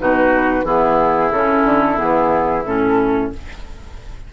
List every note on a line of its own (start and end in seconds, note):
0.00 0.64 B2
0.00 0.65 D#4
0.00 0.65 F#4
0.00 0.66 B4
0.64 1.31 E3
0.64 1.32 B3
0.64 3.32 E4
0.64 1.32 G#4
1.32 1.65 C#3
1.32 1.97 C#4
1.32 1.98 A4
1.65 1.98 D3
1.97 2.66 E3
1.97 2.63 B3
1.97 2.65 G#4
2.66 3.32 A2
2.66 3.33 C#4
2.66 3.33 A4